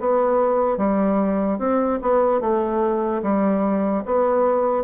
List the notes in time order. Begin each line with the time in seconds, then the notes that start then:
0.00 B3
0.78 G3
1.59 C4
2.02 B3
2.41 A3
3.23 G3
4.05 B3